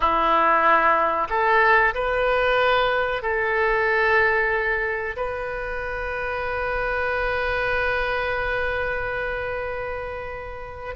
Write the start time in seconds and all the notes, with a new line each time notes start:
0.00 E4
1.29 A4
1.94 B4
3.22 A4
5.16 B4